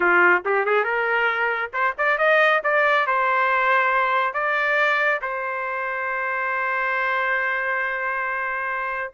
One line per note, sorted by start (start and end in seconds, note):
0.00 0.42 F4
0.45 0.65 G4
0.65 0.83 G#4
0.83 1.70 A#4
1.73 1.94 C5
1.98 2.18 D5
2.18 2.61 D#5
2.63 3.06 D5
3.06 4.33 C5
4.33 5.20 D5
5.21 9.12 C5